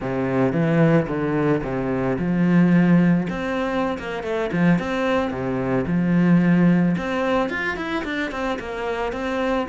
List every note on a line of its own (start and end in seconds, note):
0.00 0.52 C3
0.52 1.06 E3
1.07 1.62 D3
1.63 2.17 C3
2.18 3.27 F3
3.29 3.97 C4
3.98 4.23 A#3
4.23 4.50 A3
4.52 4.78 F3
4.78 5.31 C4
5.31 5.85 C3
5.86 6.95 F3
6.97 7.49 C4
7.49 7.76 F4
7.76 8.04 E4
8.04 8.31 D4
8.31 8.58 C4
8.59 9.12 A#3
9.12 9.67 C4